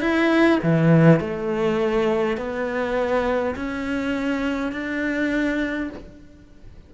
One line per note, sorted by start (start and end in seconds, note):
0.00 0.59 E4
0.63 1.20 E3
1.20 2.37 A3
2.37 3.55 B3
3.56 4.72 C#4
4.72 5.89 D4